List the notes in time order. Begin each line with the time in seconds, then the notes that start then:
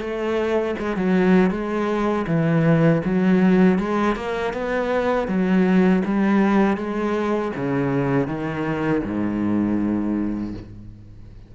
0.00 A3
0.79 G#3
0.96 F#3
1.51 G#3
2.27 E3
3.05 F#3
3.78 G#3
4.16 A#3
4.53 B3
5.28 F#3
6.05 G3
6.77 G#3
7.56 C#3
8.27 D#3
9.04 G#2